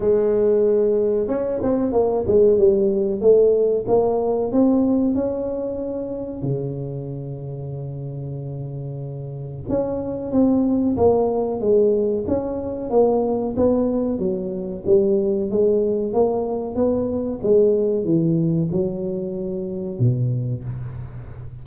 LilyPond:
\new Staff \with { instrumentName = "tuba" } { \time 4/4 \tempo 4 = 93 gis2 cis'8 c'8 ais8 gis8 | g4 a4 ais4 c'4 | cis'2 cis2~ | cis2. cis'4 |
c'4 ais4 gis4 cis'4 | ais4 b4 fis4 g4 | gis4 ais4 b4 gis4 | e4 fis2 b,4 | }